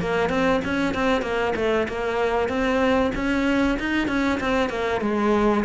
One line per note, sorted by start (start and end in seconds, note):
0.00 0.29 A#3
0.29 0.61 C4
0.64 0.94 C#4
0.94 1.22 C4
1.22 1.53 A#3
1.55 1.87 A3
1.88 2.48 A#3
2.48 3.11 C4
3.15 3.78 C#4
3.79 4.07 D#4
4.07 4.39 C#4
4.40 4.69 C4
4.69 5.01 A#3
5.01 5.64 G#3